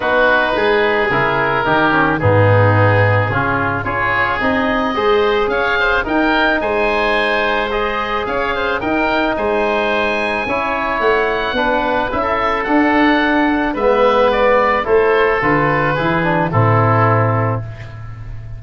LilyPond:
<<
  \new Staff \with { instrumentName = "oboe" } { \time 4/4 \tempo 4 = 109 b'2 ais'2 | gis'2. cis''4 | dis''2 f''4 g''4 | gis''2 dis''4 f''4 |
g''4 gis''2. | fis''2 e''4 fis''4~ | fis''4 e''4 d''4 c''4 | b'2 a'2 | }
  \new Staff \with { instrumentName = "oboe" } { \time 4/4 fis'4 gis'2 g'4 | dis'2 f'4 gis'4~ | gis'4 c''4 cis''8 c''8 ais'4 | c''2. cis''8 c''8 |
ais'4 c''2 cis''4~ | cis''4 b'4~ b'16 a'4.~ a'16~ | a'4 b'2 a'4~ | a'4 gis'4 e'2 | }
  \new Staff \with { instrumentName = "trombone" } { \time 4/4 dis'2 e'4 dis'8 cis'8 | b2 cis'4 f'4 | dis'4 gis'2 dis'4~ | dis'2 gis'2 |
dis'2. e'4~ | e'4 d'4 e'4 d'4~ | d'4 b2 e'4 | f'4 e'8 d'8 c'2 | }
  \new Staff \with { instrumentName = "tuba" } { \time 4/4 b4 gis4 cis4 dis4 | gis,2 cis4 cis'4 | c'4 gis4 cis'4 dis'4 | gis2. cis'4 |
dis'4 gis2 cis'4 | a4 b4 cis'4 d'4~ | d'4 gis2 a4 | d4 e4 a,2 | }
>>